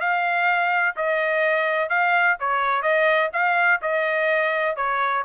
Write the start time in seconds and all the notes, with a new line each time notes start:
0.00 F5
0.96 D#5
1.89 F5
2.40 C#5
2.82 D#5
3.33 F5
3.82 D#5
4.76 C#5